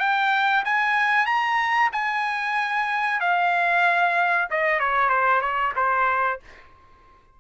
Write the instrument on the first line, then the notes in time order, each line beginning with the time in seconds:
trumpet
0.00 G5
0.65 G#5
1.26 A#5
1.93 G#5
3.21 F5
4.51 D#5
4.80 C#5
5.10 C5
5.42 C#5
5.76 C5